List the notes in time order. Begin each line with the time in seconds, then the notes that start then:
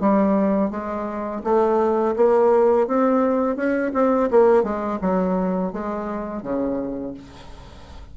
0.00 G3
0.70 G#3
1.44 A3
2.16 A#3
2.87 C4
3.56 C#4
3.94 C4
4.31 A#3
4.63 G#3
5.01 F#3
5.72 G#3
6.42 C#3